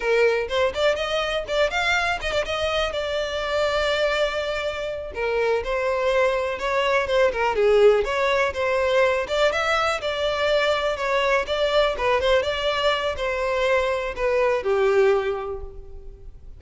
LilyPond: \new Staff \with { instrumentName = "violin" } { \time 4/4 \tempo 4 = 123 ais'4 c''8 d''8 dis''4 d''8 f''8~ | f''8 dis''16 d''16 dis''4 d''2~ | d''2~ d''8 ais'4 c''8~ | c''4. cis''4 c''8 ais'8 gis'8~ |
gis'8 cis''4 c''4. d''8 e''8~ | e''8 d''2 cis''4 d''8~ | d''8 b'8 c''8 d''4. c''4~ | c''4 b'4 g'2 | }